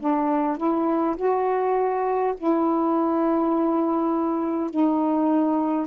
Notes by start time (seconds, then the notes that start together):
0.00 D4
0.57 E4
1.17 F#4
2.37 E4
4.71 D#4